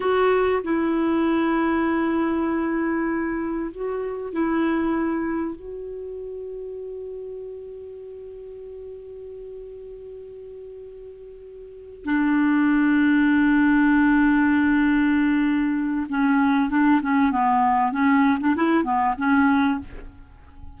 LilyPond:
\new Staff \with { instrumentName = "clarinet" } { \time 4/4 \tempo 4 = 97 fis'4 e'2.~ | e'2 fis'4 e'4~ | e'4 fis'2.~ | fis'1~ |
fis'2.~ fis'8 d'8~ | d'1~ | d'2 cis'4 d'8 cis'8 | b4 cis'8. d'16 e'8 b8 cis'4 | }